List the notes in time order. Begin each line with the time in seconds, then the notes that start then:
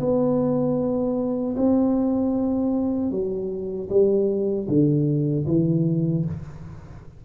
0.00 B3
1.57 C4
3.11 F#3
3.89 G3
4.68 D3
5.47 E3